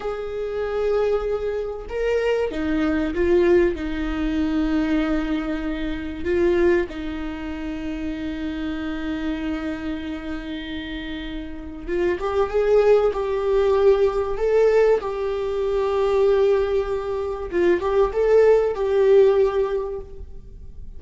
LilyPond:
\new Staff \with { instrumentName = "viola" } { \time 4/4 \tempo 4 = 96 gis'2. ais'4 | dis'4 f'4 dis'2~ | dis'2 f'4 dis'4~ | dis'1~ |
dis'2. f'8 g'8 | gis'4 g'2 a'4 | g'1 | f'8 g'8 a'4 g'2 | }